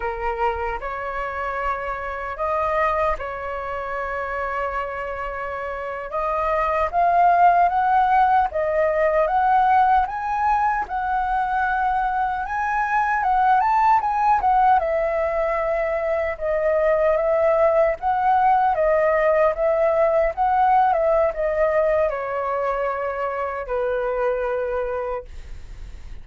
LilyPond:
\new Staff \with { instrumentName = "flute" } { \time 4/4 \tempo 4 = 76 ais'4 cis''2 dis''4 | cis''2.~ cis''8. dis''16~ | dis''8. f''4 fis''4 dis''4 fis''16~ | fis''8. gis''4 fis''2 gis''16~ |
gis''8. fis''8 a''8 gis''8 fis''8 e''4~ e''16~ | e''8. dis''4 e''4 fis''4 dis''16~ | dis''8. e''4 fis''8. e''8 dis''4 | cis''2 b'2 | }